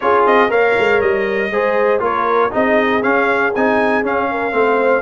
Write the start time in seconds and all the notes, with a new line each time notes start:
0.00 C#4 F4 G#4 C#5
0.25 C4 D#5
0.48 A#3 A#4 C#5 F5
0.78 G#3
1.01 G3 D#5
1.50 G#3 G#4 C5
1.99 A#3 F4 A#4 C#5
2.51 C4 D#4 G#4 D#5
3.02 C#4 F5
3.54 C4 D#4 G#5
4.02 C#4 F5
4.30 A#4
4.51 A3 C4 C5